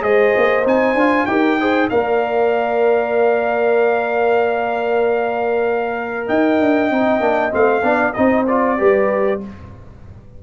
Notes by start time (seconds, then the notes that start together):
0.00 G#3 G#4 C5 D#5
0.36 A#3
0.64 C4 D#4 G#5
0.94 D4 F4
1.26 D#4 G4 A#4 G5
1.59 G#4 C5
1.89 A#3 A#4 D5 F5
6.26 D#4 D#5 G5
6.60 D4
6.90 C4 D#4
7.20 A#3 D4
7.51 A3 C4 F5
7.83 B3 D4 D5
8.13 C4 D#4 C5 D#5
8.47 F4 D5
8.78 G3 G4 B4